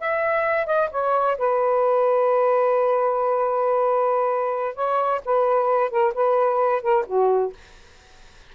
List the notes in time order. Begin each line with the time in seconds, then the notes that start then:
0.00 E5
0.66 D#5
0.91 C#5
1.38 B4
4.75 C#5
5.25 B4
5.91 A#4
6.15 B4
6.82 A#4
7.07 F#4